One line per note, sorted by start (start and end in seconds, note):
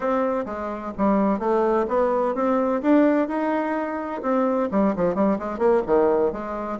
0.00 0.45 C4
0.45 0.92 G#3
0.97 1.39 G3
1.39 1.86 A3
1.88 2.34 B3
2.34 2.81 C4
2.81 3.28 D4
3.28 4.21 D#4
4.22 4.69 C4
4.71 4.94 G3
4.96 5.14 F3
5.14 5.38 G3
5.38 5.58 G#3
5.58 5.81 A#3
5.86 6.32 D#3
6.32 6.79 G#3